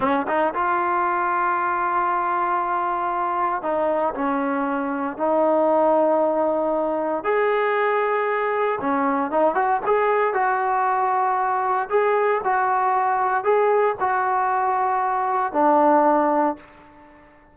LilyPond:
\new Staff \with { instrumentName = "trombone" } { \time 4/4 \tempo 4 = 116 cis'8 dis'8 f'2.~ | f'2. dis'4 | cis'2 dis'2~ | dis'2 gis'2~ |
gis'4 cis'4 dis'8 fis'8 gis'4 | fis'2. gis'4 | fis'2 gis'4 fis'4~ | fis'2 d'2 | }